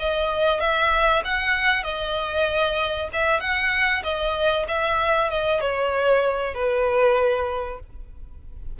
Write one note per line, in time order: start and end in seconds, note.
0.00 0.61 D#5
0.61 1.23 E5
1.25 1.84 F#5
1.84 3.09 D#5
3.13 3.41 E5
3.41 4.03 F#5
4.04 4.66 D#5
4.68 5.30 E5
5.30 5.61 D#5
5.61 6.55 C#5
6.55 7.80 B4